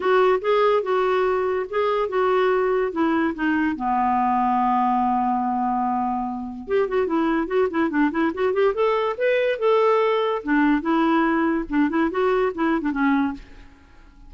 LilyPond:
\new Staff \with { instrumentName = "clarinet" } { \time 4/4 \tempo 4 = 144 fis'4 gis'4 fis'2 | gis'4 fis'2 e'4 | dis'4 b2.~ | b1 |
g'8 fis'8 e'4 fis'8 e'8 d'8 e'8 | fis'8 g'8 a'4 b'4 a'4~ | a'4 d'4 e'2 | d'8 e'8 fis'4 e'8. d'16 cis'4 | }